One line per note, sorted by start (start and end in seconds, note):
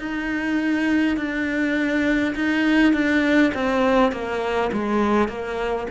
0.00 1.17 D#4
1.17 2.35 D4
2.36 2.94 D#4
2.94 3.52 D4
3.55 4.12 C4
4.12 4.71 A#3
4.73 5.29 G#3
5.29 5.88 A#3